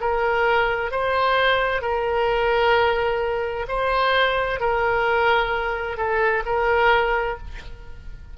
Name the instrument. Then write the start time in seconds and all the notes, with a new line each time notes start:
oboe
0.00 A#4
0.91 C5
1.81 A#4
3.68 C5
4.60 A#4
5.97 A4
6.45 A#4